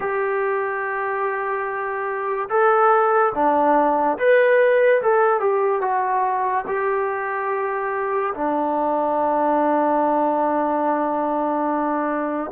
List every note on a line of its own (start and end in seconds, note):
0.00 2.48 G4
2.49 3.32 A4
3.34 4.17 D4
4.18 5.01 B4
5.02 5.39 A4
5.39 5.81 G4
5.81 6.64 F#4
6.67 8.33 G4
8.34 12.51 D4